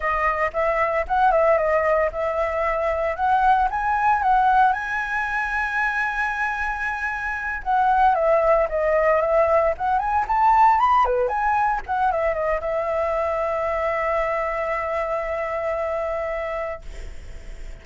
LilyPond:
\new Staff \with { instrumentName = "flute" } { \time 4/4 \tempo 4 = 114 dis''4 e''4 fis''8 e''8 dis''4 | e''2 fis''4 gis''4 | fis''4 gis''2.~ | gis''2~ gis''8 fis''4 e''8~ |
e''8 dis''4 e''4 fis''8 gis''8 a''8~ | a''8 b''8 b'8 gis''4 fis''8 e''8 dis''8 | e''1~ | e''1 | }